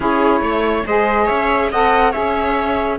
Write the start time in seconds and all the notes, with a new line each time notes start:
0.00 C#4 E4 G#4 C#5
0.40 A3 C#5
0.86 G#3 G#4 C5 D#5
1.25 C#4 C#5 E5
1.71 C4 A4 D#5 F#5
2.11 C#4 G#4 C#5 E5